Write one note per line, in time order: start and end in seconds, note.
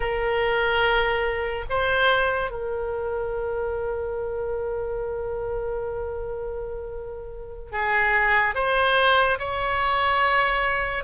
0.00 1.65 A#4
1.69 2.50 C5
2.50 7.71 A#4
7.71 8.55 G#4
8.55 9.38 C5
9.38 11.04 C#5